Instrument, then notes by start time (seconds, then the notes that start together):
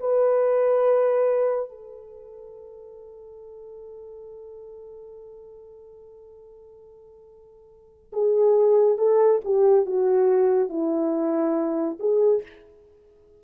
horn
0.00 B4
1.69 A4
8.13 G#4
8.98 A4
9.45 G4
9.86 F#4
10.69 E4
12.00 G#4